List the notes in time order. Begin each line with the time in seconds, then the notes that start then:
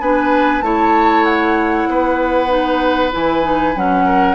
0.00 B3 D4 B4 G#5
0.62 A3 E4 C#5 A5
1.24 F#5
1.88 B3 B4
2.48 D#4
3.12 E3 E4 G#5
3.43 D#4
3.76 F#3 C#4 F#5
4.05 A#4